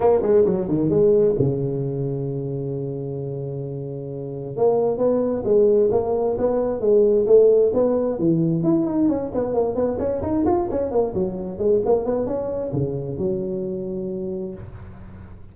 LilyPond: \new Staff \with { instrumentName = "tuba" } { \time 4/4 \tempo 4 = 132 ais8 gis8 fis8 dis8 gis4 cis4~ | cis1~ | cis2 ais4 b4 | gis4 ais4 b4 gis4 |
a4 b4 e4 e'8 dis'8 | cis'8 b8 ais8 b8 cis'8 dis'8 f'8 cis'8 | ais8 fis4 gis8 ais8 b8 cis'4 | cis4 fis2. | }